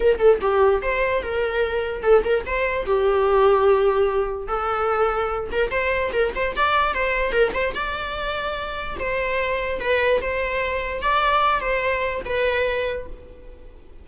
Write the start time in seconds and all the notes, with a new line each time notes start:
0.00 A#4
0.19 A4
0.41 G4
0.82 C5
1.22 A#4
2.02 A4
2.24 A#4
2.45 C5
2.86 G4
4.47 A4
5.51 A#4
5.70 C5
6.12 A#4
6.35 C5
6.55 D5
6.94 C5
7.32 A#4
7.53 C5
7.74 D5
8.99 C5
9.80 B4
10.21 C5
11.02 D5
11.60 C5
12.25 B4